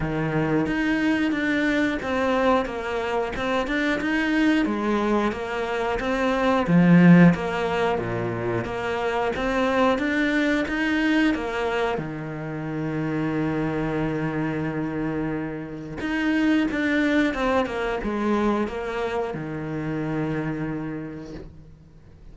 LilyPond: \new Staff \with { instrumentName = "cello" } { \time 4/4 \tempo 4 = 90 dis4 dis'4 d'4 c'4 | ais4 c'8 d'8 dis'4 gis4 | ais4 c'4 f4 ais4 | ais,4 ais4 c'4 d'4 |
dis'4 ais4 dis2~ | dis1 | dis'4 d'4 c'8 ais8 gis4 | ais4 dis2. | }